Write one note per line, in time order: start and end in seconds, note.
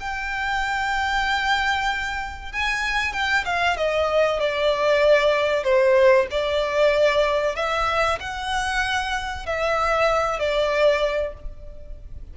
0.00 2.52 G5
2.52 3.13 G#5
3.13 3.44 G5
3.45 3.77 F5
3.77 4.40 D#5
4.40 5.64 D5
5.64 6.27 C5
6.31 7.55 D5
7.55 8.18 E5
8.20 9.46 F#5
9.46 10.39 E5
10.39 11.34 D5